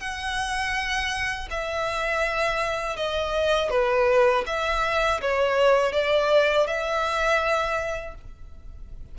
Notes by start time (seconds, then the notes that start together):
0.00 F#5
1.50 E5
2.96 D#5
3.70 B4
4.46 E5
5.21 C#5
5.93 D5
6.67 E5